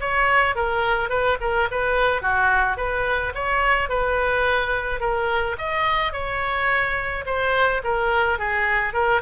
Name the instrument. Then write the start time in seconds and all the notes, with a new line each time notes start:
oboe
0.00 C#5
0.55 A#4
1.09 B4
1.40 A#4
1.71 B4
2.22 F#4
2.77 B4
3.34 C#5
3.89 B4
5.00 A#4
5.58 D#5
6.12 C#5
7.26 C5
7.84 A#4
8.39 G#4
8.93 A#4